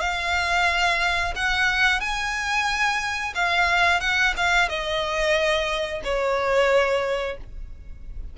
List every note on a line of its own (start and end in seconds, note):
0.00 1.33 F5
1.35 2.00 F#5
2.00 3.34 G#5
3.35 4.00 F5
4.00 4.34 F#5
4.36 4.68 F5
4.68 6.02 D#5
6.04 7.37 C#5